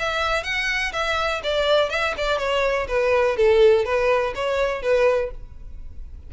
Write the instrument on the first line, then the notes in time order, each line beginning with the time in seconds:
violin
0.00 E5
0.44 F#5
0.93 E5
1.44 D5
1.90 E5
2.18 D5
2.39 C#5
2.88 B4
3.37 A4
3.85 B4
4.35 C#5
4.83 B4